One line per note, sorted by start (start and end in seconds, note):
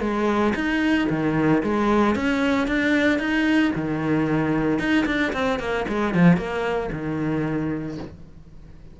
0.00 0.53 G#3
0.55 1.08 D#4
1.10 1.63 D#3
1.63 2.15 G#3
2.15 2.67 C#4
2.67 3.19 D4
3.19 3.72 D#4
3.75 4.79 D#3
4.79 5.05 D#4
5.06 5.32 D4
5.33 5.59 C4
5.59 5.86 A#3
5.88 6.14 G#3
6.14 6.37 F3
6.37 6.90 A#3
6.92 7.98 D#3